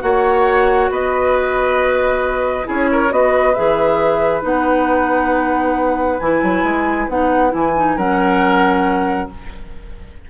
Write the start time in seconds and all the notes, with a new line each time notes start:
0.00 A#3 F#4 C#5 F#5
0.90 B3 B4 D#5
2.64 C#4 E4 G#4 C#5
2.92 A#4
3.10 B3 F#4 B4 D#5
3.54 E3 G#4 E5
4.41 B3 D#4 F#5
6.20 E3 E4 G#5
6.43 F#3
6.64 G#3
7.09 B3 D#4 F#5
7.50 E3 E4 G#5
7.76 D#4
7.96 F#3 C#4 A#4 F#5